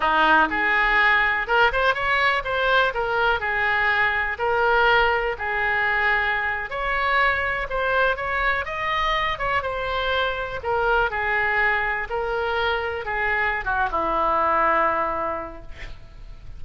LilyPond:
\new Staff \with { instrumentName = "oboe" } { \time 4/4 \tempo 4 = 123 dis'4 gis'2 ais'8 c''8 | cis''4 c''4 ais'4 gis'4~ | gis'4 ais'2 gis'4~ | gis'4.~ gis'16 cis''2 c''16~ |
c''8. cis''4 dis''4. cis''8 c''16~ | c''4.~ c''16 ais'4 gis'4~ gis'16~ | gis'8. ais'2 gis'4~ gis'16 | fis'8 e'2.~ e'8 | }